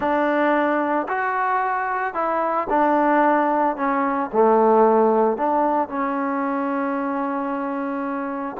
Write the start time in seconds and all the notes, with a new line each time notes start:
0.00 D4
1.08 F#4
2.14 E4
2.69 D4
3.76 C#4
4.32 A3
5.37 D4
5.88 C#4